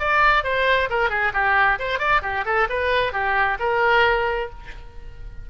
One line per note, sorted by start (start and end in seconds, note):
0.00 0.44 D5
0.44 0.89 C5
0.90 1.10 A#4
1.10 1.33 G#4
1.34 1.79 G4
1.80 1.99 C5
1.99 2.22 D5
2.23 2.45 G4
2.46 2.68 A4
2.70 3.13 B4
3.13 3.58 G4
3.60 4.50 A#4